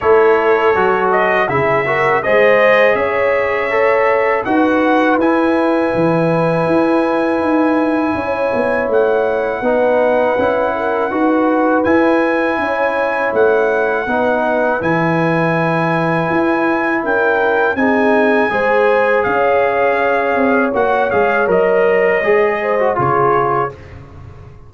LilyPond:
<<
  \new Staff \with { instrumentName = "trumpet" } { \time 4/4 \tempo 4 = 81 cis''4. dis''8 e''4 dis''4 | e''2 fis''4 gis''4~ | gis''1 | fis''1 |
gis''2 fis''2 | gis''2. g''4 | gis''2 f''2 | fis''8 f''8 dis''2 cis''4 | }
  \new Staff \with { instrumentName = "horn" } { \time 4/4 a'2 gis'8 ais'8 c''4 | cis''2 b'2~ | b'2. cis''4~ | cis''4 b'4. ais'8 b'4~ |
b'4 cis''2 b'4~ | b'2. ais'4 | gis'4 c''4 cis''2~ | cis''2~ cis''8 c''8 gis'4 | }
  \new Staff \with { instrumentName = "trombone" } { \time 4/4 e'4 fis'4 e'8 fis'8 gis'4~ | gis'4 a'4 fis'4 e'4~ | e'1~ | e'4 dis'4 e'4 fis'4 |
e'2. dis'4 | e'1 | dis'4 gis'2. | fis'8 gis'8 ais'4 gis'8. fis'16 f'4 | }
  \new Staff \with { instrumentName = "tuba" } { \time 4/4 a4 fis4 cis4 gis4 | cis'2 dis'4 e'4 | e4 e'4 dis'4 cis'8 b8 | a4 b4 cis'4 dis'4 |
e'4 cis'4 a4 b4 | e2 e'4 cis'4 | c'4 gis4 cis'4. c'8 | ais8 gis8 fis4 gis4 cis4 | }
>>